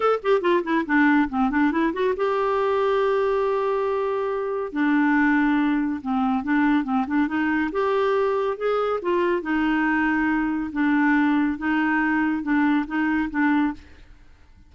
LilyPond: \new Staff \with { instrumentName = "clarinet" } { \time 4/4 \tempo 4 = 140 a'8 g'8 f'8 e'8 d'4 c'8 d'8 | e'8 fis'8 g'2.~ | g'2. d'4~ | d'2 c'4 d'4 |
c'8 d'8 dis'4 g'2 | gis'4 f'4 dis'2~ | dis'4 d'2 dis'4~ | dis'4 d'4 dis'4 d'4 | }